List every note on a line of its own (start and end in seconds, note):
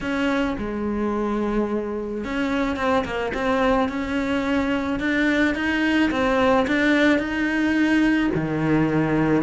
0.01 0.56 C#4
0.57 2.24 G#3
2.24 2.76 C#4
2.76 3.04 C4
3.04 3.32 A#3
3.34 3.88 C4
3.88 4.99 C#4
4.99 5.54 D4
5.54 6.10 D#4
6.10 6.66 C4
6.67 7.18 D4
7.18 8.30 D#4
8.34 9.42 D#3